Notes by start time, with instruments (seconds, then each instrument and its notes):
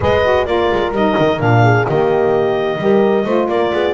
0.00 double bass G#3, saxophone G#4, horn B4, clarinet D#5
0.23 saxophone F#4
0.45 double bass A#3, saxophone F4, horn A#4, clarinet D5
0.72 double bass G#3
0.91 double bass G3, saxophone D#4, clarinet D#5
1.18 double bass D#3
1.39 double bass A#2, saxophone D4, clarinet F5
1.63 horn G#4
1.85 double bass D#3, saxophone A#3, horn G4, clarinet D#5
2.77 double bass G3, saxophone G4, horn A#4
3.24 double bass A3, saxophone F4, horn C5
3.48 double bass A#3, horn A#4, clarinet D5
3.72 double bass B3, horn G#4